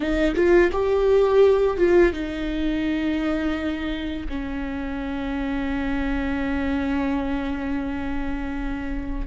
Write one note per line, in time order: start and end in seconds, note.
0.00 0.34 D#4
0.35 0.70 F4
0.71 1.77 G4
1.77 2.12 F4
2.12 4.27 D#4
4.28 9.27 C#4